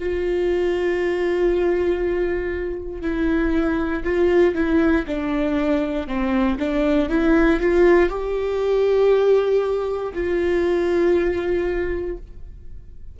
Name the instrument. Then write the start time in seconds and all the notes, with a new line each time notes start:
viola
0.00 F4
3.02 E4
4.04 F4
4.55 E4
5.07 D4
6.08 C4
6.59 D4
7.10 E4
7.60 F4
8.10 G4
10.14 F4